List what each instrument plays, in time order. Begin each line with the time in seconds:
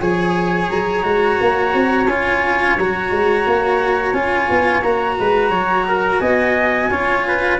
0.00 tuba F3, cello G#4, trumpet C#5, flute G#5
0.70 tuba F#3, flute A#5
1.03 tuba G#3, cello F#4
1.41 tuba A#3
1.74 tuba C4
2.06 tuba C#4, cello F4, flute G#5
2.78 tuba F#3, cello F#4, flute A#5
3.11 tuba G#3
3.46 tuba A#3
4.13 tuba C#4, cello F4, flute G#5
4.50 tuba B3
4.82 tuba A#3, cello F#4, flute A#5
5.19 tuba G#3, trumpet B4
5.49 tuba F#3, trumpet C#5
5.88 trumpet A#4
6.19 tuba B3, trumpet D#5, flute G#5
6.90 tuba C#4, cello F4, trumpet C#5
7.27 trumpet B4